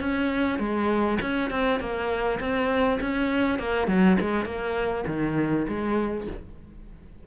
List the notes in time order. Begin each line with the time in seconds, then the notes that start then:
0.00 C#4
0.59 G#3
1.21 C#4
1.50 C4
1.80 A#3
2.40 C4
3.01 C#4
3.59 A#3
3.88 F#3
4.20 G#3
4.45 A#3
5.07 D#3
5.68 G#3